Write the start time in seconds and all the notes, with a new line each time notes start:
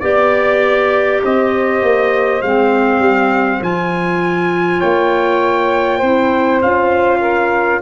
0.00 B3 G4 D5
1.22 C4 C5 D#5
1.82 A#3
2.42 G#3 C4 F5
2.99 G3
3.61 F3 F4 G#5
4.78 A#3 C#5 G5
5.98 C4 E4 C5
6.62 C#4 F4 F5
7.20 A#4